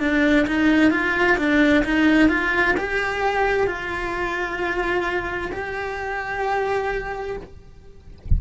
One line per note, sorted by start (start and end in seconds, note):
0.00 0.46 D4
0.47 0.91 D#4
0.91 1.37 F4
1.38 1.84 D4
1.84 2.29 D#4
2.29 2.75 F4
2.77 3.66 G4
3.66 5.51 F4
5.52 7.36 G4